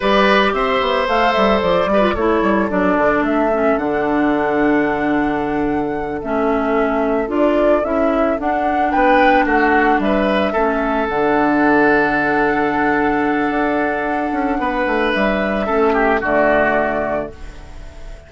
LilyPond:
<<
  \new Staff \with { instrumentName = "flute" } { \time 4/4 \tempo 4 = 111 d''4 e''4 f''8 e''8 d''4 | cis''4 d''4 e''4 fis''4~ | fis''2.~ fis''8 e''8~ | e''4. d''4 e''4 fis''8~ |
fis''8 g''4 fis''4 e''4.~ | e''8 fis''2.~ fis''8~ | fis''1 | e''2 d''2 | }
  \new Staff \with { instrumentName = "oboe" } { \time 4/4 b'4 c''2~ c''8 b'8 | a'1~ | a'1~ | a'1~ |
a'8 b'4 fis'4 b'4 a'8~ | a'1~ | a'2. b'4~ | b'4 a'8 g'8 fis'2 | }
  \new Staff \with { instrumentName = "clarinet" } { \time 4/4 g'2 a'4. g'16 f'16 | e'4 d'4. cis'8 d'4~ | d'2.~ d'8 cis'8~ | cis'4. f'4 e'4 d'8~ |
d'2.~ d'8 cis'8~ | cis'8 d'2.~ d'8~ | d'1~ | d'4 cis'4 a2 | }
  \new Staff \with { instrumentName = "bassoon" } { \time 4/4 g4 c'8 b8 a8 g8 f8 g8 | a8 g8 fis8 d8 a4 d4~ | d2.~ d8 a8~ | a4. d'4 cis'4 d'8~ |
d'8 b4 a4 g4 a8~ | a8 d2.~ d8~ | d4 d'4. cis'8 b8 a8 | g4 a4 d2 | }
>>